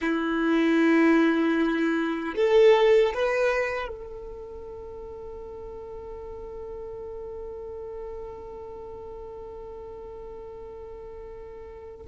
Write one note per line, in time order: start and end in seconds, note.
0.01 2.34 E4
2.35 3.13 A4
3.13 3.87 B4
3.87 12.06 A4